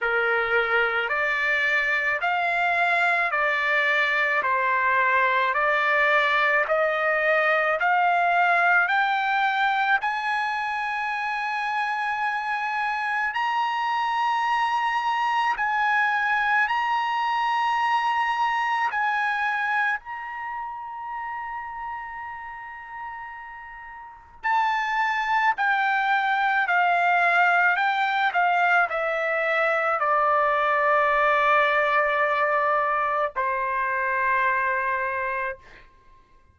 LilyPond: \new Staff \with { instrumentName = "trumpet" } { \time 4/4 \tempo 4 = 54 ais'4 d''4 f''4 d''4 | c''4 d''4 dis''4 f''4 | g''4 gis''2. | ais''2 gis''4 ais''4~ |
ais''4 gis''4 ais''2~ | ais''2 a''4 g''4 | f''4 g''8 f''8 e''4 d''4~ | d''2 c''2 | }